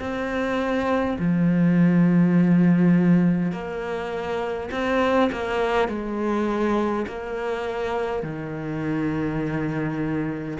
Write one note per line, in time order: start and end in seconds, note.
0.00 1.18 C4
1.19 3.52 F3
3.52 4.70 A#3
4.71 5.30 C4
5.32 5.89 A#3
5.89 7.06 G#3
7.07 8.23 A#3
8.23 10.58 D#3